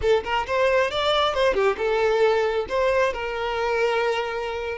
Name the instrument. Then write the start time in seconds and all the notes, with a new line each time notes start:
violin
0.01 A4
0.24 A#4
0.46 C5
0.90 D5
1.34 C5
1.54 G4
1.77 A4
2.68 C5
3.13 A#4